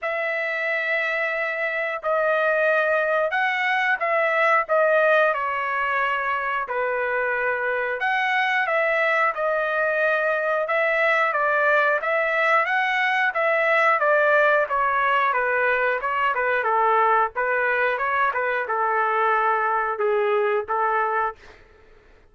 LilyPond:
\new Staff \with { instrumentName = "trumpet" } { \time 4/4 \tempo 4 = 90 e''2. dis''4~ | dis''4 fis''4 e''4 dis''4 | cis''2 b'2 | fis''4 e''4 dis''2 |
e''4 d''4 e''4 fis''4 | e''4 d''4 cis''4 b'4 | cis''8 b'8 a'4 b'4 cis''8 b'8 | a'2 gis'4 a'4 | }